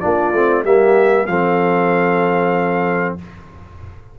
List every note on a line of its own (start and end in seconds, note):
0.00 0.33 A#3
0.00 0.33 D4
0.00 0.64 F4
0.00 0.63 D5
0.33 0.64 A3
0.33 0.65 C4
0.64 1.27 G3
0.64 1.28 A#3
0.64 1.27 G4
0.64 1.26 E5
1.26 3.17 F3
1.26 3.18 C4
1.26 3.19 A4
1.26 3.16 F5